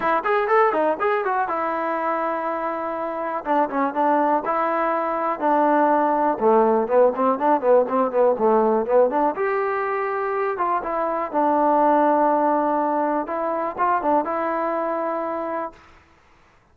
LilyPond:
\new Staff \with { instrumentName = "trombone" } { \time 4/4 \tempo 4 = 122 e'8 gis'8 a'8 dis'8 gis'8 fis'8 e'4~ | e'2. d'8 cis'8 | d'4 e'2 d'4~ | d'4 a4 b8 c'8 d'8 b8 |
c'8 b8 a4 b8 d'8 g'4~ | g'4. f'8 e'4 d'4~ | d'2. e'4 | f'8 d'8 e'2. | }